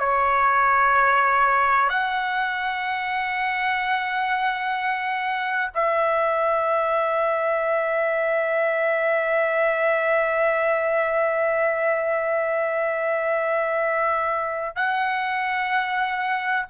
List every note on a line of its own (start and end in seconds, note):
0.00 1.90 C#5
1.90 5.71 F#5
5.75 14.76 E5
14.76 16.67 F#5